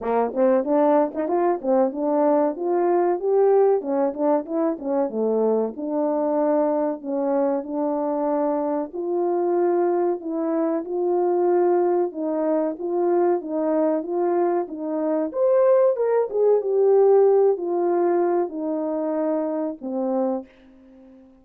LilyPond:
\new Staff \with { instrumentName = "horn" } { \time 4/4 \tempo 4 = 94 ais8 c'8 d'8. dis'16 f'8 c'8 d'4 | f'4 g'4 cis'8 d'8 e'8 cis'8 | a4 d'2 cis'4 | d'2 f'2 |
e'4 f'2 dis'4 | f'4 dis'4 f'4 dis'4 | c''4 ais'8 gis'8 g'4. f'8~ | f'4 dis'2 c'4 | }